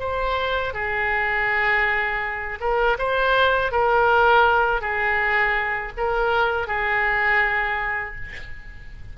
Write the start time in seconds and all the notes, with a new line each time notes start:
0.00 C5
0.74 G#4
2.60 A#4
2.99 C5
3.72 A#4
4.81 G#4
5.97 A#4
6.67 G#4